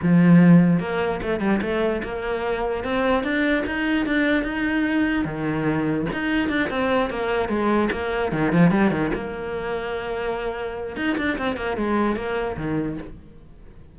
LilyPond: \new Staff \with { instrumentName = "cello" } { \time 4/4 \tempo 4 = 148 f2 ais4 a8 g8 | a4 ais2 c'4 | d'4 dis'4 d'4 dis'4~ | dis'4 dis2 dis'4 |
d'8 c'4 ais4 gis4 ais8~ | ais8 dis8 f8 g8 dis8 ais4.~ | ais2. dis'8 d'8 | c'8 ais8 gis4 ais4 dis4 | }